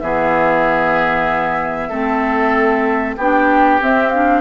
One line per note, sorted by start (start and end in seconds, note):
0.00 1.91 E3
0.00 1.91 B3
0.00 1.90 G#4
0.00 3.16 E5
1.90 3.17 A3
1.90 3.18 C4
1.90 3.16 A4
3.18 3.81 B3
3.18 3.81 D4
3.18 4.42 G4
3.18 3.81 G5
3.81 4.12 C4
3.81 4.42 C4
3.81 4.09 E5
4.09 4.42 D4
4.09 4.41 F5